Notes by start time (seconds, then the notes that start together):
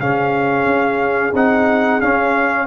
0.00 C#3 C#4 G#4 F5
0.65 C#4
1.34 C4 D#4 F#5
2.01 C#4 F5